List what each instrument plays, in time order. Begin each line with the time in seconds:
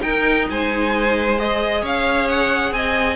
0.00 viola D#4, cello D#4, violin A#4 G5
0.49 cello G#3, violin C5 G#5
1.38 viola G#4, violin D#5
1.82 cello C#4, violin C#5 F5
2.28 violin F#5
2.71 cello C4, violin D#5 G#5